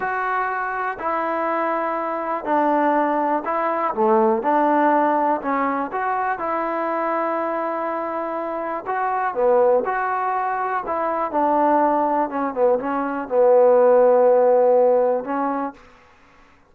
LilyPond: \new Staff \with { instrumentName = "trombone" } { \time 4/4 \tempo 4 = 122 fis'2 e'2~ | e'4 d'2 e'4 | a4 d'2 cis'4 | fis'4 e'2.~ |
e'2 fis'4 b4 | fis'2 e'4 d'4~ | d'4 cis'8 b8 cis'4 b4~ | b2. cis'4 | }